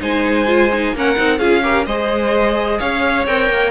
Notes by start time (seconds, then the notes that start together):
0.00 G#3 D#4 C5 G#5
0.47 F4
0.73 D#4
0.92 A#3 C#4 A#4
0.99 F#5
1.16 C4 D#4
1.39 C#4 F4 G#4 F5
1.63 G4 A#4
1.86 G#3 G#4 C5 D#5
2.79 C#4 C#5 F5
3.27 C4 A#4 G5
3.50 A#3